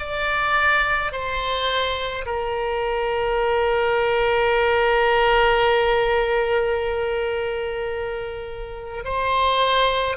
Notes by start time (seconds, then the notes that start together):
0.00 D5
1.12 C5
2.26 A#4
9.05 C5